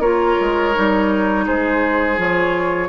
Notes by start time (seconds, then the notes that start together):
0.00 A#3 F4 A#4 C#5
0.40 G#3
0.74 G3 D#4
1.46 G#3 G#4 C5
2.18 F3 F4 C#5